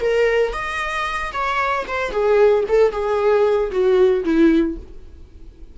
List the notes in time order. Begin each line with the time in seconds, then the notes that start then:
0.00 A#4
0.53 D#5
1.33 C#5
1.87 C5
2.11 G#4
2.68 A4
2.92 G#4
3.71 F#4
4.24 E4